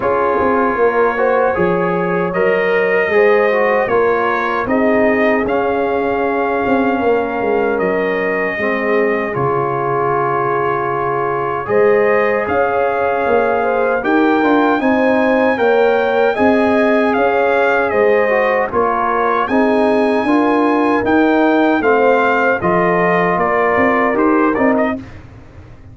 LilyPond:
<<
  \new Staff \with { instrumentName = "trumpet" } { \time 4/4 \tempo 4 = 77 cis''2. dis''4~ | dis''4 cis''4 dis''4 f''4~ | f''2 dis''2 | cis''2. dis''4 |
f''2 g''4 gis''4 | g''4 gis''4 f''4 dis''4 | cis''4 gis''2 g''4 | f''4 dis''4 d''4 c''8 d''16 dis''16 | }
  \new Staff \with { instrumentName = "horn" } { \time 4/4 gis'4 ais'8 c''8 cis''2 | c''4 ais'4 gis'2~ | gis'4 ais'2 gis'4~ | gis'2. c''4 |
cis''4. c''8 ais'4 c''4 | cis''4 dis''4 cis''4 c''4 | ais'4 gis'4 ais'2 | c''4 a'4 ais'2 | }
  \new Staff \with { instrumentName = "trombone" } { \time 4/4 f'4. fis'8 gis'4 ais'4 | gis'8 fis'8 f'4 dis'4 cis'4~ | cis'2. c'4 | f'2. gis'4~ |
gis'2 g'8 f'8 dis'4 | ais'4 gis'2~ gis'8 fis'8 | f'4 dis'4 f'4 dis'4 | c'4 f'2 g'8 dis'8 | }
  \new Staff \with { instrumentName = "tuba" } { \time 4/4 cis'8 c'8 ais4 f4 fis4 | gis4 ais4 c'4 cis'4~ | cis'8 c'8 ais8 gis8 fis4 gis4 | cis2. gis4 |
cis'4 ais4 dis'8 d'8 c'4 | ais4 c'4 cis'4 gis4 | ais4 c'4 d'4 dis'4 | a4 f4 ais8 c'8 dis'8 c'8 | }
>>